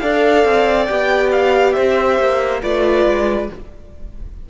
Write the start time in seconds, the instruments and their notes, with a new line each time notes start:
0.00 cello D4, viola A4, violin D5 F5
0.45 cello C4
0.86 cello B3, viola G4, violin G5
1.32 violin F5
1.73 cello C4, violin C5 E5
2.19 cello A#3
2.62 cello A3, viola F4, violin B4 D5
3.06 cello G#3